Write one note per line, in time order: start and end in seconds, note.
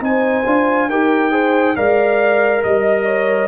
0.00 0.44 C4
0.00 0.43 D#4
0.00 0.89 C5
0.00 0.90 G#5
0.45 0.89 D4
0.45 0.89 F4
0.89 1.76 D#4
0.89 1.31 G4
0.89 1.31 A#4
0.89 1.76 G5
1.31 1.74 G#4
1.31 1.75 C5
1.76 2.63 G#3
1.76 3.47 A#4
1.76 2.63 D5
1.76 2.62 F5
2.63 3.47 G3
2.63 3.47 D#5
2.63 3.05 D#5
3.05 3.47 C#5